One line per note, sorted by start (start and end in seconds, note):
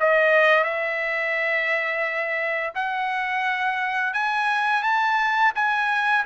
0.00 0.64 D#5
0.64 2.74 E5
2.75 4.14 F#5
4.14 4.83 G#5
4.83 5.53 A5
5.55 6.25 G#5